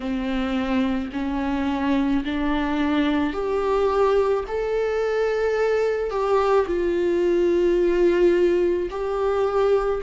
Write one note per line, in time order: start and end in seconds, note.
0.00 1.10 C4
1.13 2.24 C#4
2.24 3.33 D4
3.33 4.44 G4
4.47 6.10 A4
6.10 6.66 G4
6.67 8.89 F4
8.90 10.01 G4